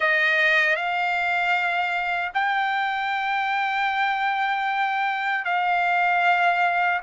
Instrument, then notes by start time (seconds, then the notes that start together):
trumpet
0.00 D#5
0.75 F5
2.33 G5
5.44 F5